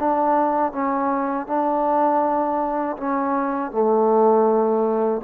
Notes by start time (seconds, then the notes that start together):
0.00 D4
0.73 C#4
1.47 D4
2.98 C#4
3.72 A3